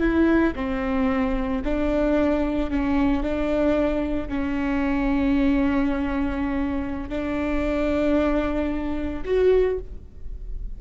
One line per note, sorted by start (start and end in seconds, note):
0.00 0.54 E4
0.55 1.62 C4
1.64 2.70 D4
2.70 3.23 C#4
3.23 4.28 D4
4.28 7.09 C#4
7.09 9.23 D4
9.25 9.78 F#4